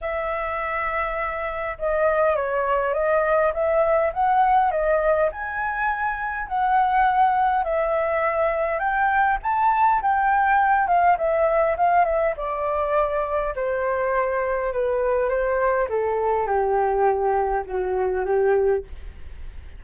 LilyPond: \new Staff \with { instrumentName = "flute" } { \time 4/4 \tempo 4 = 102 e''2. dis''4 | cis''4 dis''4 e''4 fis''4 | dis''4 gis''2 fis''4~ | fis''4 e''2 g''4 |
a''4 g''4. f''8 e''4 | f''8 e''8 d''2 c''4~ | c''4 b'4 c''4 a'4 | g'2 fis'4 g'4 | }